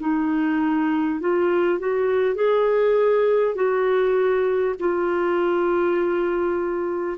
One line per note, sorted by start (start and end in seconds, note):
0.00 1.20 D#4
1.20 1.79 F4
1.79 2.35 F#4
2.35 3.55 G#4
3.55 4.75 F#4
4.79 7.17 F4